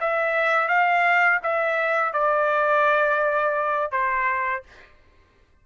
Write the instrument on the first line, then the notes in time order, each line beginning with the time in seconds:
trumpet
0.00 E5
0.68 F5
1.43 E5
2.13 D5
3.92 C5